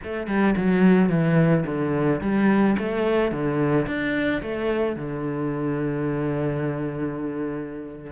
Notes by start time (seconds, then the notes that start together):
0.03 A3
0.27 G3
0.56 F#3
1.09 E3
1.65 D3
2.21 G3
2.78 A3
3.31 D3
3.86 D4
4.42 A3
4.96 D3